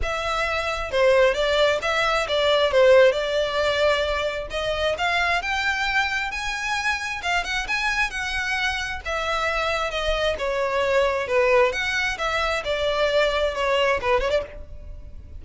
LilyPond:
\new Staff \with { instrumentName = "violin" } { \time 4/4 \tempo 4 = 133 e''2 c''4 d''4 | e''4 d''4 c''4 d''4~ | d''2 dis''4 f''4 | g''2 gis''2 |
f''8 fis''8 gis''4 fis''2 | e''2 dis''4 cis''4~ | cis''4 b'4 fis''4 e''4 | d''2 cis''4 b'8 cis''16 d''16 | }